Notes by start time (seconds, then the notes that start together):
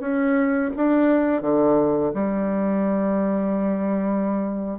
0.00 C#4
0.76 D4
1.41 D3
2.14 G3